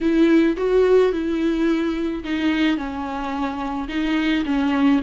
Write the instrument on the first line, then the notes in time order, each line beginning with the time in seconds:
viola
0.01 E4
0.57 F#4
1.12 E4
2.23 D#4
2.77 C#4
3.88 D#4
4.45 C#4